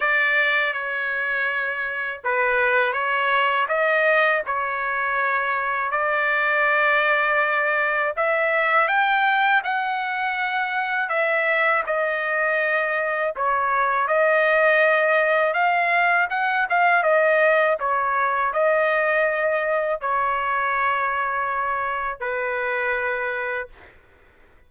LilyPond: \new Staff \with { instrumentName = "trumpet" } { \time 4/4 \tempo 4 = 81 d''4 cis''2 b'4 | cis''4 dis''4 cis''2 | d''2. e''4 | g''4 fis''2 e''4 |
dis''2 cis''4 dis''4~ | dis''4 f''4 fis''8 f''8 dis''4 | cis''4 dis''2 cis''4~ | cis''2 b'2 | }